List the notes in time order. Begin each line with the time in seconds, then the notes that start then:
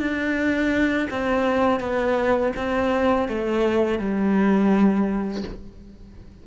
0.00 D4
1.11 C4
1.80 B3
2.57 C4
3.29 A3
4.00 G3